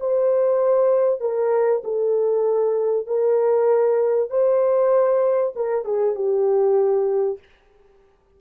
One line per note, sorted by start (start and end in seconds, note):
0.00 1.21 C5
1.21 1.82 A#4
1.84 3.07 A4
3.07 4.30 A#4
4.30 5.54 C5
5.56 5.85 A#4
5.85 6.15 G#4
6.15 7.39 G4